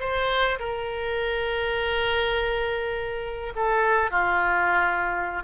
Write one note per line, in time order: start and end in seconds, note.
0.00 0.59 C5
0.59 3.53 A#4
3.56 4.11 A4
4.11 5.43 F4